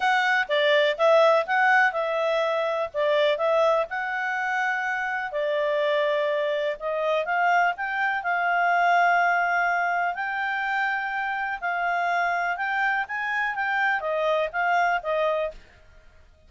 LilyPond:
\new Staff \with { instrumentName = "clarinet" } { \time 4/4 \tempo 4 = 124 fis''4 d''4 e''4 fis''4 | e''2 d''4 e''4 | fis''2. d''4~ | d''2 dis''4 f''4 |
g''4 f''2.~ | f''4 g''2. | f''2 g''4 gis''4 | g''4 dis''4 f''4 dis''4 | }